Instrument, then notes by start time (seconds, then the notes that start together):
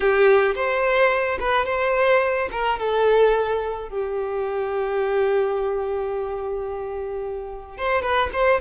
violin
0.00 G4
0.55 C5
1.39 B4
1.65 C5
2.51 A#4
2.79 A4
3.89 G4
7.77 C5
8.02 B4
8.32 C5